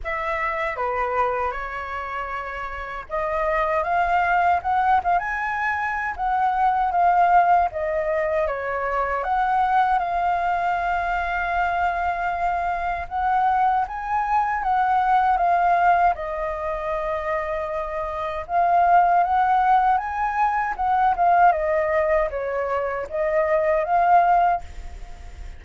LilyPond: \new Staff \with { instrumentName = "flute" } { \time 4/4 \tempo 4 = 78 e''4 b'4 cis''2 | dis''4 f''4 fis''8 f''16 gis''4~ gis''16 | fis''4 f''4 dis''4 cis''4 | fis''4 f''2.~ |
f''4 fis''4 gis''4 fis''4 | f''4 dis''2. | f''4 fis''4 gis''4 fis''8 f''8 | dis''4 cis''4 dis''4 f''4 | }